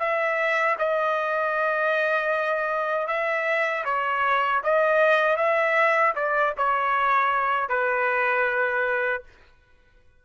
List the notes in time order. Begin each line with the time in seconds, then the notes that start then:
0.00 E5
0.79 D#5
3.08 E5
3.85 C#5
4.64 D#5
5.37 E5
6.16 D5
6.58 C#5
7.70 B4